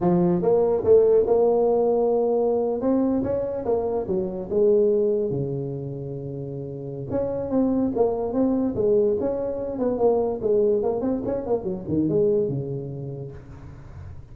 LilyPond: \new Staff \with { instrumentName = "tuba" } { \time 4/4 \tempo 4 = 144 f4 ais4 a4 ais4~ | ais2~ ais8. c'4 cis'16~ | cis'8. ais4 fis4 gis4~ gis16~ | gis8. cis2.~ cis16~ |
cis4 cis'4 c'4 ais4 | c'4 gis4 cis'4. b8 | ais4 gis4 ais8 c'8 cis'8 ais8 | fis8 dis8 gis4 cis2 | }